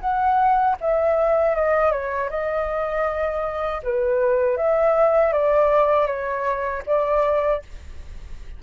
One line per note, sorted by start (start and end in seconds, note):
0.00 0.76 F#5
0.80 1.55 E5
1.55 1.91 D#5
1.91 2.29 C#5
2.30 3.81 D#5
3.83 4.57 B4
4.57 5.32 E5
5.32 6.07 D5
6.07 6.83 C#5
6.86 7.62 D5